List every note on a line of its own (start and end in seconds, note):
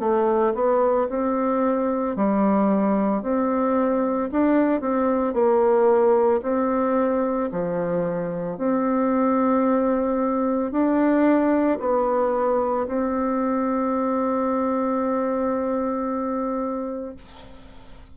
0.00 0.54 A3
0.55 1.08 B3
1.10 2.16 C4
2.16 3.23 G3
3.23 4.30 C4
4.32 4.81 D4
4.81 5.34 C4
5.34 6.41 A#3
6.43 7.50 C4
7.52 8.58 F3
8.58 10.72 C4
10.72 11.79 D4
11.80 12.87 B3
12.87 17.16 C4